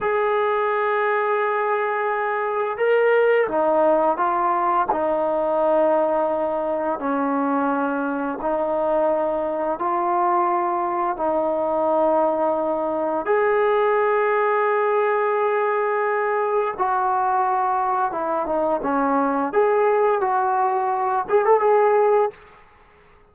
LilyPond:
\new Staff \with { instrumentName = "trombone" } { \time 4/4 \tempo 4 = 86 gis'1 | ais'4 dis'4 f'4 dis'4~ | dis'2 cis'2 | dis'2 f'2 |
dis'2. gis'4~ | gis'1 | fis'2 e'8 dis'8 cis'4 | gis'4 fis'4. gis'16 a'16 gis'4 | }